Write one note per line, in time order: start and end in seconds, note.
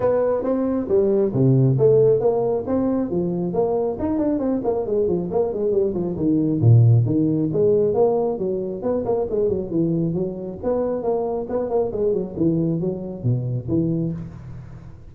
0.00 0.43 B3
0.43 0.87 C4
0.88 1.32 G3
1.33 1.77 C3
1.78 2.19 A3
2.19 2.64 A#3
2.67 3.10 C4
3.10 3.53 F3
3.53 3.97 A#3
3.99 4.18 D#4
4.18 4.39 D4
4.39 4.61 C4
4.63 4.85 A#3
4.85 5.07 G#3
5.07 5.29 F3
5.31 5.53 A#3
5.53 5.71 G#3
5.71 5.93 G3
5.93 6.15 F3
6.16 6.60 D#3
6.61 7.05 A#2
7.05 7.49 D#3
7.52 7.94 G#3
7.94 8.38 A#3
8.38 8.82 F#3
8.82 9.04 B3
9.05 9.27 A#3
9.29 9.49 G#3
9.49 9.70 F#3
9.70 10.14 E3
10.14 10.58 F#3
10.63 11.02 B3
11.02 11.46 A#3
11.49 11.69 B3
11.69 11.91 A#3
11.92 12.13 G#3
12.13 12.35 F#3
12.36 12.80 E3
12.80 13.23 F#3
13.23 13.67 B2
13.68 14.12 E3